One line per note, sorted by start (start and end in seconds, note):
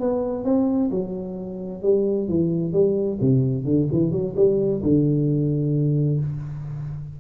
0.00 0.45 B3
0.45 0.90 C4
0.91 1.82 F#3
1.83 2.28 G3
2.29 2.73 E3
2.73 3.19 G3
3.21 3.65 C3
3.65 3.88 D3
3.92 4.12 E3
4.12 4.35 F#3
4.36 4.82 G3
4.83 6.20 D3